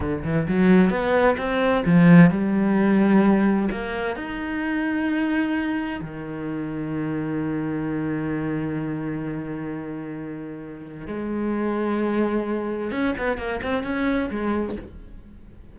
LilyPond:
\new Staff \with { instrumentName = "cello" } { \time 4/4 \tempo 4 = 130 d8 e8 fis4 b4 c'4 | f4 g2. | ais4 dis'2.~ | dis'4 dis2.~ |
dis1~ | dis1 | gis1 | cis'8 b8 ais8 c'8 cis'4 gis4 | }